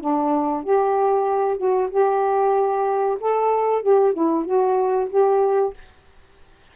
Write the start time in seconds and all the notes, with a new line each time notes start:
0.00 D4
0.63 G4
1.58 F#4
1.90 G4
3.20 A4
3.82 G4
4.13 E4
4.45 F#4
5.09 G4